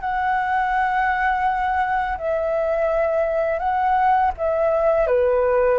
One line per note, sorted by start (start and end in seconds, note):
0.00 2.17 F#5
2.18 3.58 E5
3.58 4.31 F#5
4.37 5.07 E5
5.07 5.78 B4